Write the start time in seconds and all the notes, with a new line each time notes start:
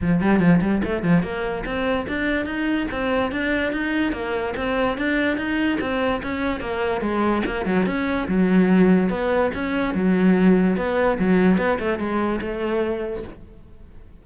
0.01 F3
0.21 G3
0.39 F3
0.61 G3
0.84 A3
1.03 F3
1.22 A#3
1.65 C4
2.08 D4
2.45 D#4
2.91 C4
3.31 D4
3.72 D#4
4.12 A#3
4.56 C4
4.97 D4
5.37 D#4
5.80 C4
6.22 C#4
6.60 A#3
7.01 G#3
7.46 A#3
7.65 F#3
7.86 C#4
8.27 F#3
9.09 B3
9.54 C#4
9.94 F#3
10.76 B3
11.19 F#3
11.57 B3
11.79 A3
11.98 G#3
12.41 A3